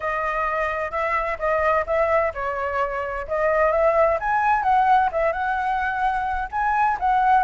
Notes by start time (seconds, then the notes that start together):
0.00 D#5
0.91 E5
1.38 D#5
1.86 E5
2.34 C#5
3.27 D#5
3.71 E5
4.20 G#5
4.63 F#5
5.11 E5
5.32 F#5
6.51 G#5
6.99 F#5